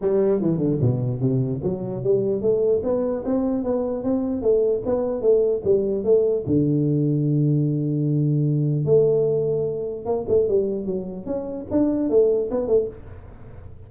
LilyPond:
\new Staff \with { instrumentName = "tuba" } { \time 4/4 \tempo 4 = 149 g4 e8 d8 b,4 c4 | fis4 g4 a4 b4 | c'4 b4 c'4 a4 | b4 a4 g4 a4 |
d1~ | d2 a2~ | a4 ais8 a8 g4 fis4 | cis'4 d'4 a4 b8 a8 | }